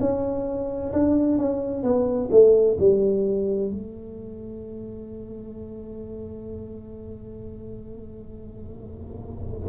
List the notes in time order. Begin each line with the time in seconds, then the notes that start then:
0.00 C#4
0.93 D4
1.38 C#4
1.83 B3
2.31 A3
2.79 G3
3.70 A3